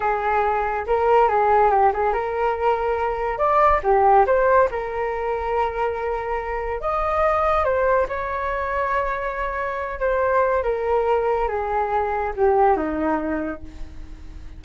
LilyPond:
\new Staff \with { instrumentName = "flute" } { \time 4/4 \tempo 4 = 141 gis'2 ais'4 gis'4 | g'8 gis'8 ais'2. | d''4 g'4 c''4 ais'4~ | ais'1 |
dis''2 c''4 cis''4~ | cis''2.~ cis''8 c''8~ | c''4 ais'2 gis'4~ | gis'4 g'4 dis'2 | }